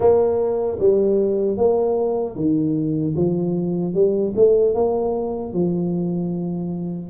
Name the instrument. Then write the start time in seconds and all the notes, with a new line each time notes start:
tuba
0.00 A#3
0.79 G3
1.57 A#3
2.35 D#3
3.16 F3
3.94 G3
4.36 A3
4.74 A#3
5.53 F3